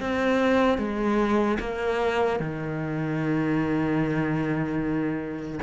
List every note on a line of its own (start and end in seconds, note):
0.00 0.78 C4
0.78 1.58 G#3
1.60 2.40 A#3
2.40 5.60 D#3